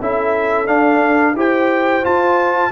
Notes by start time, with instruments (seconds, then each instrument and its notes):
0.00 tuba C#4, trombone E4, horn A4, trumpet E5
0.67 trombone D4, tuba D4, trumpet F5
1.36 tuba E4, trombone G4, horn C5, trumpet G5
2.03 trombone F4, tuba F4, trumpet A5